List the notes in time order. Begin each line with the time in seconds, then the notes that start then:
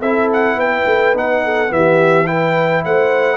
0.00 C4 E4 A4 E5
0.33 F#5
0.56 B3 B4 G5
0.86 A3
1.14 B3 D#4 F#5
1.44 A4
1.68 E3 B3 E5
1.76 G4
2.27 E4 B4 G5
2.85 A3 C5 F#5